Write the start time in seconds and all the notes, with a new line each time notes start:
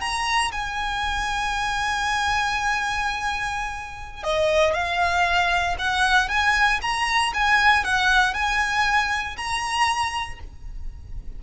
0.00 A#5
0.51 G#5
4.23 D#5
4.73 F5
5.79 F#5
6.28 G#5
6.82 A#5
7.33 G#5
7.84 F#5
8.34 G#5
9.37 A#5